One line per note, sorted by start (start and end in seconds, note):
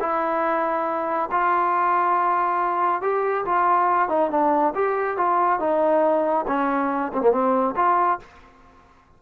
0.00 1.29 E4
1.31 3.02 F4
3.02 3.45 G4
3.45 4.09 F4
4.09 4.30 D#4
4.30 4.73 D4
4.75 5.17 G4
5.17 5.59 F4
5.59 6.46 D#4
6.47 7.12 C#4
7.13 7.21 C4
7.21 7.31 A#3
7.31 7.75 C4
7.76 8.19 F4